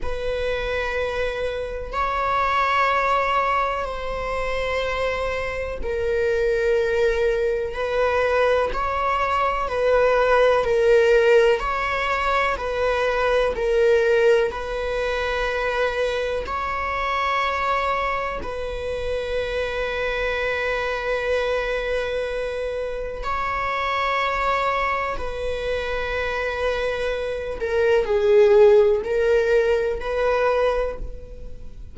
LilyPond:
\new Staff \with { instrumentName = "viola" } { \time 4/4 \tempo 4 = 62 b'2 cis''2 | c''2 ais'2 | b'4 cis''4 b'4 ais'4 | cis''4 b'4 ais'4 b'4~ |
b'4 cis''2 b'4~ | b'1 | cis''2 b'2~ | b'8 ais'8 gis'4 ais'4 b'4 | }